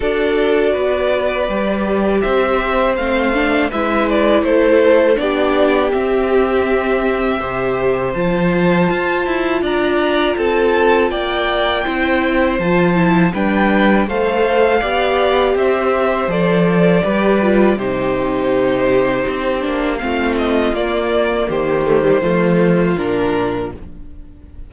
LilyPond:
<<
  \new Staff \with { instrumentName = "violin" } { \time 4/4 \tempo 4 = 81 d''2. e''4 | f''4 e''8 d''8 c''4 d''4 | e''2. a''4~ | a''4 ais''4 a''4 g''4~ |
g''4 a''4 g''4 f''4~ | f''4 e''4 d''2 | c''2. f''8 dis''8 | d''4 c''2 ais'4 | }
  \new Staff \with { instrumentName = "violin" } { \time 4/4 a'4 b'2 c''4~ | c''4 b'4 a'4 g'4~ | g'2 c''2~ | c''4 d''4 a'4 d''4 |
c''2 b'4 c''4 | d''4 c''2 b'4 | g'2. f'4~ | f'4 g'4 f'2 | }
  \new Staff \with { instrumentName = "viola" } { \time 4/4 fis'2 g'2 | c'8 d'8 e'2 d'4 | c'2 g'4 f'4~ | f'1 |
e'4 f'8 e'8 d'4 a'4 | g'2 a'4 g'8 f'8 | dis'2~ dis'8 d'8 c'4 | ais4. a16 g16 a4 d'4 | }
  \new Staff \with { instrumentName = "cello" } { \time 4/4 d'4 b4 g4 c'4 | a4 gis4 a4 b4 | c'2 c4 f4 | f'8 e'8 d'4 c'4 ais4 |
c'4 f4 g4 a4 | b4 c'4 f4 g4 | c2 c'8 ais8 a4 | ais4 dis4 f4 ais,4 | }
>>